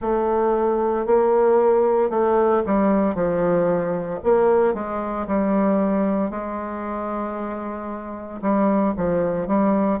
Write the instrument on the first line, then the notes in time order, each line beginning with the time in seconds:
bassoon
0.00 A3
1.05 A#3
2.10 A3
2.66 G3
3.14 F3
4.23 A#3
4.74 G#3
5.27 G3
6.30 G#3
8.41 G3
8.96 F3
9.47 G3